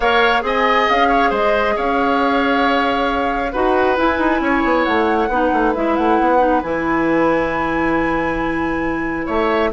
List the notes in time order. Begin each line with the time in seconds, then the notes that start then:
0.00 A#3 A#4 C#5 F5
0.41 C4 G#4 D#5 G#5
0.89 C#4 F5
1.08 C#5
1.30 G#3 C5 D#5
1.76 C#4 C#5 F5
3.52 D#4 F#4 B4 F#5
3.96 E4 G#5
4.18 D#4
4.40 C#4 C#5
4.64 B3
4.84 A3 F#5
5.28 B3 D#4 B4
5.52 A3
5.74 G#3 E4 E5
5.95 A3 F#5
6.20 B3
6.38 D#4
6.62 E3 E4 G#5
9.25 A3 C#5 E5